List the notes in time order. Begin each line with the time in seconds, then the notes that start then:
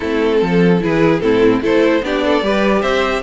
0.00 A3 C4 E4 A4
0.41 F3 A4
0.80 E3 E4 G#4 B4
1.20 A2 C4 E4 A4
1.61 A3 E4 A4 C5
2.02 B3 D4 G4 D5
2.25 A4
2.41 G3 G4 B4
2.82 C4 C5 E5